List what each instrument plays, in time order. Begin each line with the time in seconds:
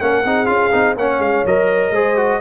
0.00 tuba A#3, trombone C#4, horn A#4, trumpet F#5
0.24 tuba C4, trombone D#4, horn G#4
0.45 tuba C#4, trombone F4, trumpet F5
0.71 tuba C4, trombone D#4
0.96 tuba A#3, trombone C#4, horn C#5, trumpet F#5
1.19 tuba G#3, trumpet F5
1.45 tuba F#3, trombone A#4, trumpet D#5
1.90 tuba G#3, trombone G#4, horn C5
2.16 trombone F#4